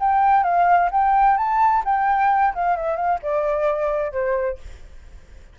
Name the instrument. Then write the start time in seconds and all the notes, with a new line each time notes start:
flute
0.00 G5
0.44 F5
0.92 G5
1.37 A5
1.85 G5
2.55 F5
2.77 E5
2.96 F5
3.23 D5
4.12 C5